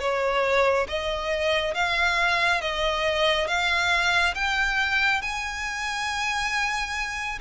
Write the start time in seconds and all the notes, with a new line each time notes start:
0.00 C#5
0.89 D#5
1.74 F5
2.61 D#5
3.47 F5
4.35 G5
5.22 G#5